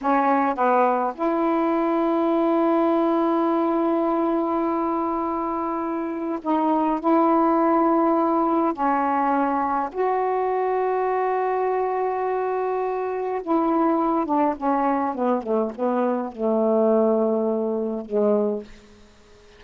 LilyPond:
\new Staff \with { instrumentName = "saxophone" } { \time 4/4 \tempo 4 = 103 cis'4 b4 e'2~ | e'1~ | e'2. dis'4 | e'2. cis'4~ |
cis'4 fis'2.~ | fis'2. e'4~ | e'8 d'8 cis'4 b8 a8 b4 | a2. gis4 | }